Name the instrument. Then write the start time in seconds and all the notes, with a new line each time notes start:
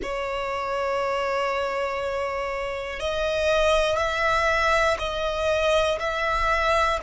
violin
0.02 C#5
2.99 D#5
3.97 E5
4.98 D#5
6.00 E5